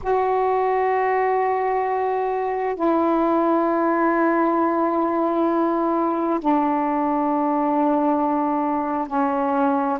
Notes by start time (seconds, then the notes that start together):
0.02 F#4
2.75 E4
6.40 D4
9.07 C#4